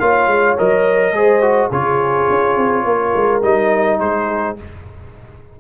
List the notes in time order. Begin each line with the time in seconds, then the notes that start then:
0.00 A#3 F4 C#5 F5
0.27 G#3
0.58 F#3 A#4 D#5
1.12 G#3 G#4 C5
1.42 F#4
1.70 C#3 F4 G#4 C#5
2.30 C#4
2.57 C4
2.85 A#3 A#4
3.16 G#3
3.42 G3 D#4 D#5
4.00 G#3 G#4 C5